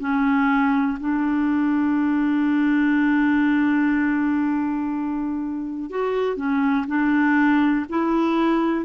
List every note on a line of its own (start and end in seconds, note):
0.00 0.98 C#4
1.00 5.91 D4
5.91 6.37 F#4
6.37 6.86 C#4
6.88 7.86 D4
7.90 8.86 E4